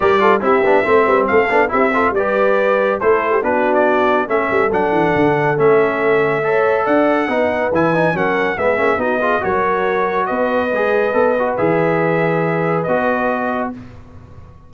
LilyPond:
<<
  \new Staff \with { instrumentName = "trumpet" } { \time 4/4 \tempo 4 = 140 d''4 e''2 f''4 | e''4 d''2 c''4 | b'8. d''4~ d''16 e''4 fis''4~ | fis''4 e''2. |
fis''2 gis''4 fis''4 | e''4 dis''4 cis''2 | dis''2. e''4~ | e''2 dis''2 | }
  \new Staff \with { instrumentName = "horn" } { \time 4/4 ais'8 a'8 g'4 c''8 b'8 a'4 | g'8 a'8 b'2 a'8. g'16 | fis'2 a'2~ | a'2. cis''4 |
d''4 b'2 ais'4 | gis'4 fis'8 gis'8 ais'2 | b'1~ | b'1 | }
  \new Staff \with { instrumentName = "trombone" } { \time 4/4 g'8 f'8 e'8 d'8 c'4. d'8 | e'8 f'8 g'2 e'4 | d'2 cis'4 d'4~ | d'4 cis'2 a'4~ |
a'4 dis'4 e'8 dis'8 cis'4 | b8 cis'8 dis'8 f'8 fis'2~ | fis'4 gis'4 a'8 fis'8 gis'4~ | gis'2 fis'2 | }
  \new Staff \with { instrumentName = "tuba" } { \time 4/4 g4 c'8 b8 a8 g8 a8 b8 | c'4 g2 a4 | b2 a8 g8 fis8 e8 | d4 a2. |
d'4 b4 e4 fis4 | gis8 ais8 b4 fis2 | b4 gis4 b4 e4~ | e2 b2 | }
>>